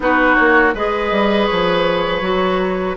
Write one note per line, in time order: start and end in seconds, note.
0.00 0.35 B3
0.00 0.73 D#4
0.00 0.74 F#4
0.00 0.35 B4
0.35 0.74 A#3
0.35 0.72 C#5
0.74 1.11 G#3
0.74 2.21 G#4
0.74 2.96 B4
0.74 1.46 D#5
1.11 1.48 G3
1.46 2.21 F3
1.46 2.94 C#5
2.21 2.95 F#3
2.21 2.96 F#4